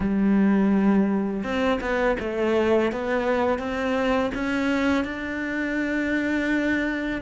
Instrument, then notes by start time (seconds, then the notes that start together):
cello
0.00 G3
1.43 C4
1.80 B3
2.19 A3
2.91 B3
3.58 C4
4.34 C#4
5.04 D4